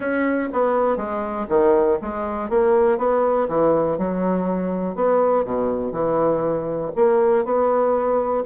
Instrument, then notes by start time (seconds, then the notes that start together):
bassoon
0.00 C#4
0.52 B3
0.96 G#3
1.48 D#3
2.01 G#3
2.49 A#3
2.98 B3
3.48 E3
3.98 F#3
4.95 B3
5.44 B2
5.92 E3
6.95 A#3
7.44 B3